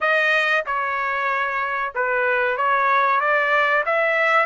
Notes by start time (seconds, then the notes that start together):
0.01 D#5
0.66 C#5
1.94 B4
2.57 C#5
3.20 D5
3.85 E5